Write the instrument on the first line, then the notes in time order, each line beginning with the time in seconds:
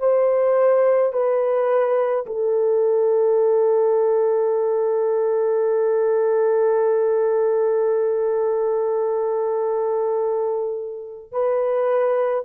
horn
0.00 C5
1.13 B4
2.27 A4
11.32 B4